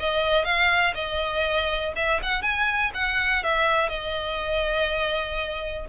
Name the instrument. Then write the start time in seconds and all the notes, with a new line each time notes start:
violin
0.00 D#5
0.45 F5
0.95 D#5
1.96 E5
2.23 F#5
2.42 G#5
2.94 F#5
3.44 E5
3.89 D#5